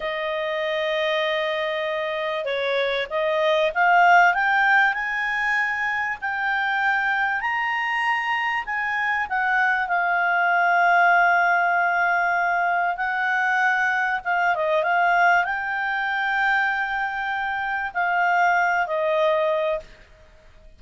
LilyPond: \new Staff \with { instrumentName = "clarinet" } { \time 4/4 \tempo 4 = 97 dis''1 | cis''4 dis''4 f''4 g''4 | gis''2 g''2 | ais''2 gis''4 fis''4 |
f''1~ | f''4 fis''2 f''8 dis''8 | f''4 g''2.~ | g''4 f''4. dis''4. | }